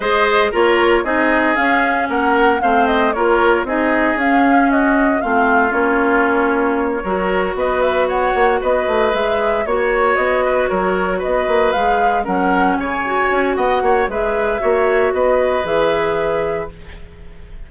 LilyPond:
<<
  \new Staff \with { instrumentName = "flute" } { \time 4/4 \tempo 4 = 115 dis''4 cis''4 dis''4 f''4 | fis''4 f''8 dis''8 cis''4 dis''4 | f''4 dis''4 f''4 cis''4~ | cis''2~ cis''8 dis''8 e''8 fis''8~ |
fis''8 dis''4 e''4 cis''4 dis''8~ | dis''8 cis''4 dis''4 f''4 fis''8~ | fis''8 gis''4. fis''4 e''4~ | e''4 dis''4 e''2 | }
  \new Staff \with { instrumentName = "oboe" } { \time 4/4 c''4 ais'4 gis'2 | ais'4 c''4 ais'4 gis'4~ | gis'4 fis'4 f'2~ | f'4. ais'4 b'4 cis''8~ |
cis''8 b'2 cis''4. | b'8 ais'4 b'2 ais'8~ | ais'8 cis''4. dis''8 cis''8 b'4 | cis''4 b'2. | }
  \new Staff \with { instrumentName = "clarinet" } { \time 4/4 gis'4 f'4 dis'4 cis'4~ | cis'4 c'4 f'4 dis'4 | cis'2 c'4 cis'4~ | cis'4. fis'2~ fis'8~ |
fis'4. gis'4 fis'4.~ | fis'2~ fis'8 gis'4 cis'8~ | cis'4 fis'2 gis'4 | fis'2 gis'2 | }
  \new Staff \with { instrumentName = "bassoon" } { \time 4/4 gis4 ais4 c'4 cis'4 | ais4 a4 ais4 c'4 | cis'2 a4 ais4~ | ais4. fis4 b4. |
ais8 b8 a8 gis4 ais4 b8~ | b8 fis4 b8 ais8 gis4 fis8~ | fis8 cis4 cis'8 b8 ais8 gis4 | ais4 b4 e2 | }
>>